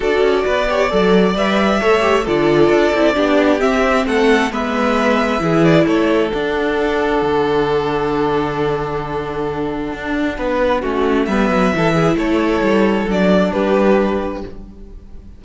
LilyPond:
<<
  \new Staff \with { instrumentName = "violin" } { \time 4/4 \tempo 4 = 133 d''2. e''4~ | e''4 d''2. | e''4 fis''4 e''2~ | e''8 d''8 cis''4 fis''2~ |
fis''1~ | fis''1~ | fis''4 e''2 cis''4~ | cis''4 d''4 b'2 | }
  \new Staff \with { instrumentName = "violin" } { \time 4/4 a'4 b'8 cis''8 d''2 | cis''4 a'2 g'4~ | g'4 a'4 b'2 | gis'4 a'2.~ |
a'1~ | a'2. b'4 | fis'4 b'4 a'8 gis'8 a'4~ | a'2 g'2 | }
  \new Staff \with { instrumentName = "viola" } { \time 4/4 fis'4. g'8 a'4 b'4 | a'8 g'8 f'4. e'8 d'4 | c'2 b2 | e'2 d'2~ |
d'1~ | d'1 | cis'4 b4 e'2~ | e'4 d'2. | }
  \new Staff \with { instrumentName = "cello" } { \time 4/4 d'8 cis'8 b4 fis4 g4 | a4 d4 d'8 c'8 b4 | c'4 a4 gis2 | e4 a4 d'2 |
d1~ | d2 d'4 b4 | a4 g8 fis8 e4 a4 | g4 fis4 g2 | }
>>